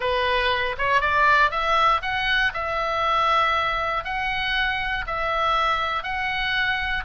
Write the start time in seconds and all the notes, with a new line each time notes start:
0.00 B4
0.78 C#5
1.00 D5
1.50 E5
2.02 F#5
2.53 E5
4.04 F#5
5.06 E5
6.03 F#5